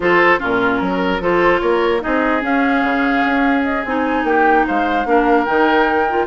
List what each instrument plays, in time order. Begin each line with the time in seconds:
0.00 bassoon F3, clarinet F4, oboe A4, flute C5
0.38 bassoon A#2, clarinet C#4, oboe F4, flute A#4
0.81 bassoon F#3, oboe A#4
1.20 bassoon F3, clarinet F4, oboe A4, flute C5
1.60 bassoon A#3, oboe A#4, flute C#5
2.00 bassoon C4, clarinet D#4, oboe G#4, flute D#5
2.40 clarinet C#4, bassoon C#4, flute F5
2.83 bassoon C#3
3.25 bassoon C#4
3.64 flute D#5
3.84 bassoon C4, clarinet D#4, flute G#5
4.23 bassoon A#3, oboe G4, flute G5
4.66 bassoon G#3, oboe C5, flute F5
5.05 bassoon A#3, clarinet D4, oboe A#4
5.45 bassoon D#3, clarinet D#4, flute G5
6.09 clarinet F4